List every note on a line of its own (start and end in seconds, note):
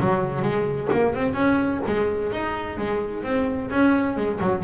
0.00 0.42 F#3
0.42 0.89 G#3
0.92 1.14 A#3
1.14 1.34 C4
1.34 1.80 C#4
1.87 2.32 G#3
2.32 2.78 D#4
2.78 3.23 G#3
3.23 3.70 C4
3.70 4.16 C#4
4.16 4.40 G#3
4.41 4.63 F#3